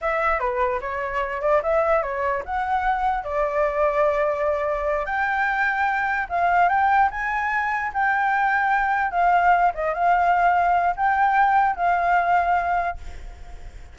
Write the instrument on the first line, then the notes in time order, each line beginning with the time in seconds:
flute
0.01 E5
0.39 B4
0.81 C#5
1.41 D5
1.62 E5
2.02 C#5
2.45 F#5
3.24 D5
5.05 G5
6.29 F5
6.68 G5
7.10 G#5
7.93 G5
9.11 F5
9.74 D#5
9.93 F5
10.96 G5
11.75 F5